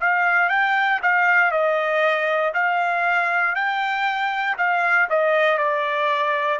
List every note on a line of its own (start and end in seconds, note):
0.00 0.49 F5
0.49 0.99 G5
1.02 1.51 F5
1.51 2.52 D#5
2.54 3.55 F5
3.55 4.57 G5
4.57 5.08 F5
5.09 5.57 D#5
5.57 6.59 D5